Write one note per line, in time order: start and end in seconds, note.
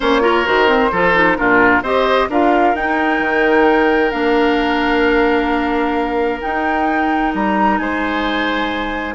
0.00 0.46 A#3
0.00 0.21 C#4
0.00 0.21 C5
0.00 0.46 C#5
0.21 0.44 F4
0.21 0.91 A#4
0.45 0.91 D#3
0.45 0.67 F#4
0.45 1.36 C5
0.67 0.90 C4
0.91 1.37 F3
0.91 1.14 F4
0.91 1.37 A4
1.14 1.37 D#4
1.36 1.82 A#2
1.36 1.82 D4
1.36 1.82 F4
1.36 1.82 A#4
1.82 2.28 C4
1.82 2.30 G4
1.82 2.28 C5
1.82 2.29 D#5
2.29 2.74 D4
2.29 2.76 F4
2.29 7.79 A#4
2.29 2.75 F5
2.74 3.19 D#4
2.74 4.11 D#4
2.74 4.11 G5
3.19 4.10 D#3
4.11 6.42 A#3
4.11 6.40 D4
4.11 6.40 F5
6.41 9.14 D#4
6.41 7.34 D#4
6.41 7.32 G5
7.34 7.79 G3
7.34 7.78 A#5
7.78 9.14 G#3
7.78 9.14 C5
7.78 9.14 G#5